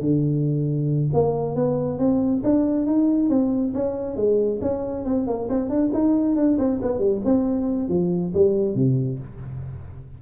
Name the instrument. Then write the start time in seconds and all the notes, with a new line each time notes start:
tuba
0.00 D3
1.13 A#3
1.55 B3
1.98 C4
2.43 D4
2.86 D#4
3.29 C4
3.74 C#4
4.16 G#3
4.61 C#4
5.05 C4
5.27 A#3
5.49 C4
5.69 D4
5.93 D#4
6.35 D4
6.58 C4
6.82 B3
6.99 G3
7.24 C4
7.88 F3
8.34 G3
8.75 C3